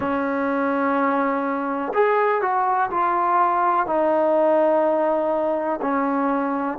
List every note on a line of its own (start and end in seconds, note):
0.00 1.92 C#4
1.93 2.41 G#4
2.41 2.89 F#4
2.90 3.86 F4
3.86 5.79 D#4
5.81 6.78 C#4